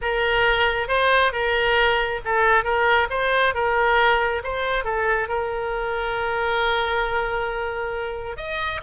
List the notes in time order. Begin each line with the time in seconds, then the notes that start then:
0.01 A#4
0.88 C5
1.32 A#4
2.25 A4
2.64 A#4
3.10 C5
3.54 A#4
4.43 C5
4.84 A4
5.28 A#4
8.36 D#5